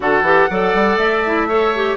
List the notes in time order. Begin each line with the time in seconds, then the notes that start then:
0.00 D3 F#4 A4 F#5
0.22 E3 G4
0.49 F#3 A4 D5
0.74 G3
0.97 A3 E5
1.25 E4
1.48 A4 C#5
1.75 G4